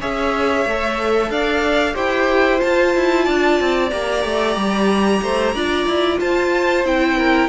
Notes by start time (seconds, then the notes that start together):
0.00 C#4 G#4 C#5 E5
0.66 A3 A4
1.30 D4 D5 F5
1.95 E4 G4 C5 G5
2.58 F4 A5
2.96 E4
3.25 D4 D5
3.60 C4
3.90 A#3 G4 A#5
4.24 A3
4.56 G3
5.22 A3 C5
5.55 D4 F4 D5
5.87 E4
6.20 F4 C5 A5
6.85 C4 E4 G5
7.18 A#4